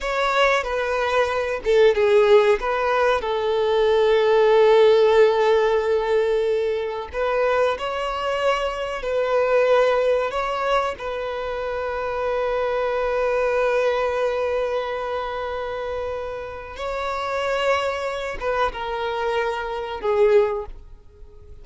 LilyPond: \new Staff \with { instrumentName = "violin" } { \time 4/4 \tempo 4 = 93 cis''4 b'4. a'8 gis'4 | b'4 a'2.~ | a'2. b'4 | cis''2 b'2 |
cis''4 b'2.~ | b'1~ | b'2 cis''2~ | cis''8 b'8 ais'2 gis'4 | }